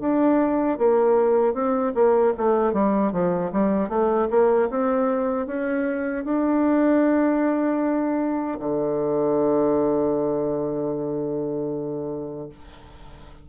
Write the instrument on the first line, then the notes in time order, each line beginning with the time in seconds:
bassoon
0.00 D4
0.78 A#3
1.54 C4
1.94 A#3
2.37 A3
2.73 G3
3.12 F3
3.52 G3
3.89 A3
4.30 A#3
4.70 C4
5.47 C#4
6.24 D4
8.59 D3